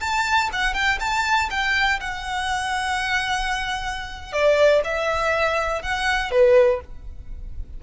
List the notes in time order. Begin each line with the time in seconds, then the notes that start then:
0.00 A5
0.53 F#5
0.74 G5
0.99 A5
1.50 G5
2.00 F#5
4.33 D5
4.84 E5
5.82 F#5
6.31 B4